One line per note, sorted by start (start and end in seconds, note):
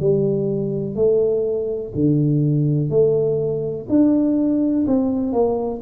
0.00 0.95 G3
0.95 1.92 A3
1.94 2.90 D3
2.90 3.87 A3
3.89 4.86 D4
4.87 5.33 C4
5.33 5.82 A#3